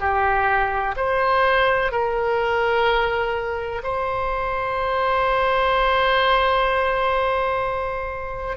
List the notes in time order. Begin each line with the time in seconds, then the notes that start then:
0.00 G4
0.97 C5
1.92 A#4
3.84 C5